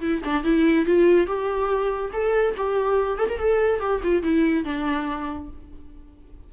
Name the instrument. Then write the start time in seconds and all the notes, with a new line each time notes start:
viola
0.00 E4
0.24 D4
0.43 E4
0.85 F4
1.26 G4
2.12 A4
2.56 G4
3.17 A4
3.28 A#4
3.38 A4
3.80 G4
4.03 F4
4.22 E4
4.64 D4